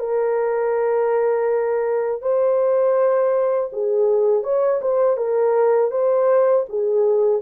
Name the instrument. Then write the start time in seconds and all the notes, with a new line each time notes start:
horn
0.00 A#4
2.22 C5
3.73 G#4
4.44 C#5
4.82 C5
5.17 A#4
5.92 C5
6.69 G#4